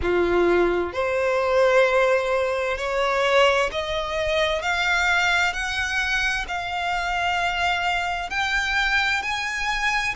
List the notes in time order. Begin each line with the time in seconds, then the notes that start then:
0.02 F4
0.92 C5
2.77 C#5
3.71 D#5
4.62 F5
5.53 F#5
6.48 F5
8.30 G5
9.22 G#5